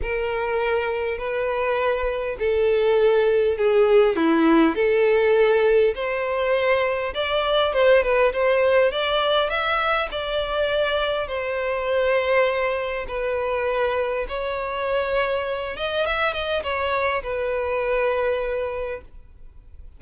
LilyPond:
\new Staff \with { instrumentName = "violin" } { \time 4/4 \tempo 4 = 101 ais'2 b'2 | a'2 gis'4 e'4 | a'2 c''2 | d''4 c''8 b'8 c''4 d''4 |
e''4 d''2 c''4~ | c''2 b'2 | cis''2~ cis''8 dis''8 e''8 dis''8 | cis''4 b'2. | }